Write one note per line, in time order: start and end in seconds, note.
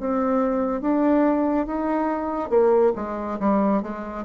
0.00 0.81 C4
0.81 1.66 D4
1.66 2.49 D#4
2.49 2.92 A#3
2.96 3.39 G#3
3.39 3.82 G3
3.82 4.25 G#3